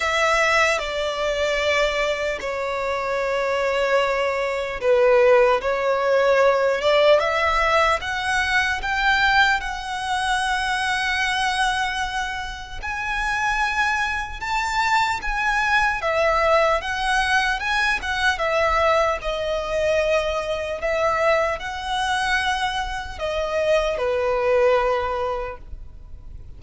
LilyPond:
\new Staff \with { instrumentName = "violin" } { \time 4/4 \tempo 4 = 75 e''4 d''2 cis''4~ | cis''2 b'4 cis''4~ | cis''8 d''8 e''4 fis''4 g''4 | fis''1 |
gis''2 a''4 gis''4 | e''4 fis''4 gis''8 fis''8 e''4 | dis''2 e''4 fis''4~ | fis''4 dis''4 b'2 | }